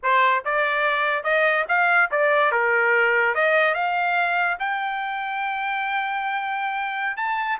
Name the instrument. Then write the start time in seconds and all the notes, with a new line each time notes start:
trumpet
0.02 C5
0.44 D5
1.23 D#5
1.68 F5
2.11 D5
2.51 A#4
3.34 D#5
3.74 F5
4.59 G5
7.16 A5